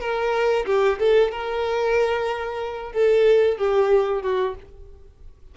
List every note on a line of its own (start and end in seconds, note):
0.00 0.65 A#4
0.66 0.98 G4
0.99 1.31 A4
1.31 2.93 A#4
2.93 3.58 A4
3.58 4.22 G4
4.22 4.55 F#4